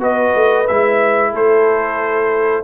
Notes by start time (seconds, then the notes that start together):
0.00 B3 F#4 B4 D#5
0.35 A3
0.67 G#3 E4 E5
1.31 A3 A4 C5